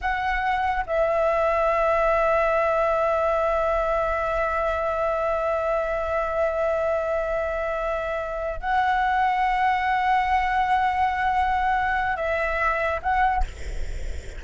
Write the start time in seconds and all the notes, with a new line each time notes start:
0.01 F#5
0.86 E5
8.60 F#5
12.16 E5
13.02 F#5